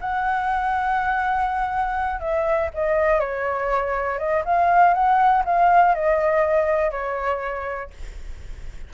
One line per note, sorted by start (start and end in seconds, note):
0.00 2.20 F#5
2.20 2.70 E5
2.74 3.19 D#5
3.19 4.18 C#5
4.18 4.43 D#5
4.45 4.93 F5
4.93 5.43 F#5
5.45 5.94 F5
5.94 6.91 D#5
6.91 7.90 C#5